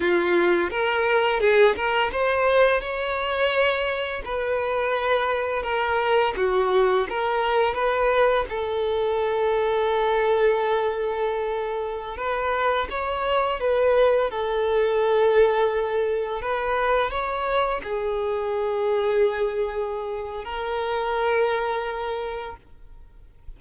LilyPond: \new Staff \with { instrumentName = "violin" } { \time 4/4 \tempo 4 = 85 f'4 ais'4 gis'8 ais'8 c''4 | cis''2 b'2 | ais'4 fis'4 ais'4 b'4 | a'1~ |
a'4~ a'16 b'4 cis''4 b'8.~ | b'16 a'2. b'8.~ | b'16 cis''4 gis'2~ gis'8.~ | gis'4 ais'2. | }